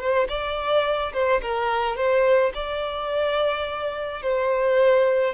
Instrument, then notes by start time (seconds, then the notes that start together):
violin
0.00 C5
0.29 D5
1.14 C5
1.42 A#4
1.97 C5
2.55 D5
4.23 C5